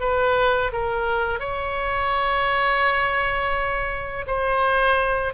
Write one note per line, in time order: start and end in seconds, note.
0.00 0.71 B4
0.72 1.40 A#4
1.40 4.25 C#5
4.27 5.33 C5